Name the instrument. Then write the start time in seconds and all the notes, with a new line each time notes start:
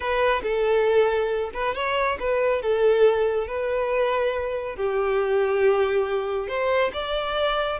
violin
0.00 B4
0.43 A4
1.53 B4
1.74 C#5
2.19 B4
2.62 A4
3.47 B4
4.76 G4
6.47 C5
6.93 D5